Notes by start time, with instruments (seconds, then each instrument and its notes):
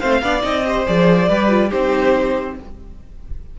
0.00 cello A3, viola C4, violin C5 F5
0.22 cello B3, viola D4, violin D5
0.41 cello C4, viola D#4, violin D#5
0.65 viola G4, violin C5
0.86 cello F3, viola G#4, violin D5
1.29 cello G3, viola G4, violin B4
1.49 viola F4
1.69 cello C4, viola D#4, violin G4 C5